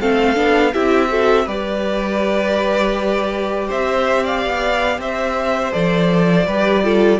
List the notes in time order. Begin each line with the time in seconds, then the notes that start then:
0.00 A3 C4 A4 F5
0.34 B3 D4
0.73 C4 E4 G4 E5
1.08 F#4 A4
1.45 G3 G4 B4 D5
3.67 C4 C5 E5
4.23 D5 F5
4.45 B3
4.98 C4 C5 E5
5.71 F3 A4 D5
6.46 G3 G4 B4
6.83 F4 A4